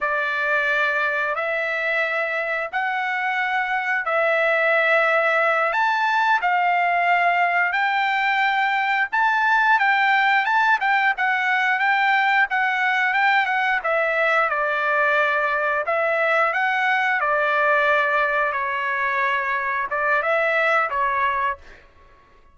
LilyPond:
\new Staff \with { instrumentName = "trumpet" } { \time 4/4 \tempo 4 = 89 d''2 e''2 | fis''2 e''2~ | e''8 a''4 f''2 g''8~ | g''4. a''4 g''4 a''8 |
g''8 fis''4 g''4 fis''4 g''8 | fis''8 e''4 d''2 e''8~ | e''8 fis''4 d''2 cis''8~ | cis''4. d''8 e''4 cis''4 | }